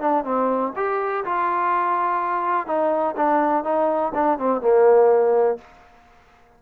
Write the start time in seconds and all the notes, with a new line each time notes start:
0.00 D4
0.24 C4
0.76 G4
1.24 F4
2.67 D#4
3.16 D4
3.64 D#4
4.14 D4
4.38 C4
4.61 A#3